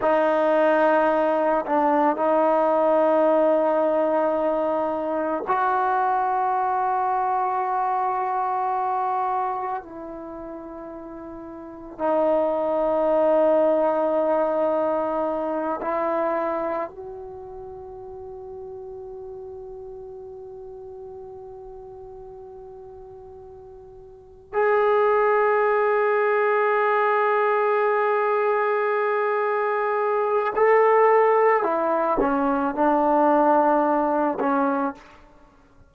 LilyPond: \new Staff \with { instrumentName = "trombone" } { \time 4/4 \tempo 4 = 55 dis'4. d'8 dis'2~ | dis'4 fis'2.~ | fis'4 e'2 dis'4~ | dis'2~ dis'8 e'4 fis'8~ |
fis'1~ | fis'2~ fis'8 gis'4.~ | gis'1 | a'4 e'8 cis'8 d'4. cis'8 | }